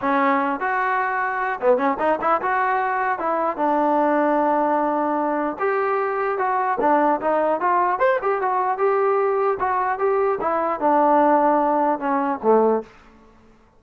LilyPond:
\new Staff \with { instrumentName = "trombone" } { \time 4/4 \tempo 4 = 150 cis'4. fis'2~ fis'8 | b8 cis'8 dis'8 e'8 fis'2 | e'4 d'2.~ | d'2 g'2 |
fis'4 d'4 dis'4 f'4 | c''8 g'8 fis'4 g'2 | fis'4 g'4 e'4 d'4~ | d'2 cis'4 a4 | }